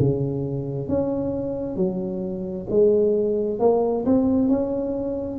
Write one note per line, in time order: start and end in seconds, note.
0.00 0.89 C#3
0.89 1.76 C#4
1.76 2.67 F#3
2.70 3.60 G#3
3.60 4.05 A#3
4.06 4.49 C4
4.49 5.40 C#4